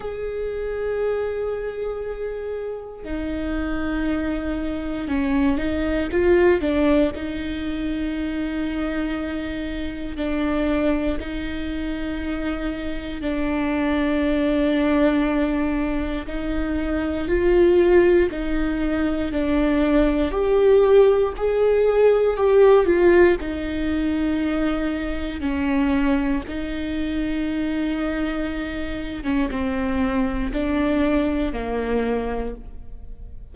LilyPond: \new Staff \with { instrumentName = "viola" } { \time 4/4 \tempo 4 = 59 gis'2. dis'4~ | dis'4 cis'8 dis'8 f'8 d'8 dis'4~ | dis'2 d'4 dis'4~ | dis'4 d'2. |
dis'4 f'4 dis'4 d'4 | g'4 gis'4 g'8 f'8 dis'4~ | dis'4 cis'4 dis'2~ | dis'8. cis'16 c'4 d'4 ais4 | }